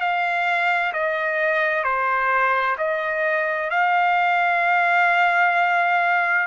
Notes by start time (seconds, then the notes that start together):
0.00 F5
0.93 D#5
1.83 C5
2.77 D#5
3.70 F5